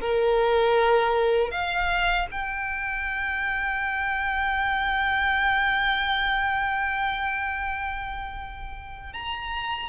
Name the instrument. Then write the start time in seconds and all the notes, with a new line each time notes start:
violin
0.00 A#4
1.51 F5
2.31 G5
9.13 A#5